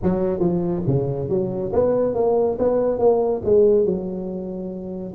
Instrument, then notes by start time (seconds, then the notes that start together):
tuba
0.02 F#3
0.39 F3
0.86 C#3
1.29 F#3
1.72 B3
2.14 A#3
2.58 B3
2.98 A#3
3.44 G#3
3.85 F#3